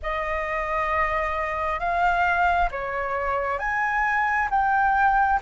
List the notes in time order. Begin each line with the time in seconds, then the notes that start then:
0.02 D#5
1.79 F5
2.71 C#5
3.59 G#5
4.50 G5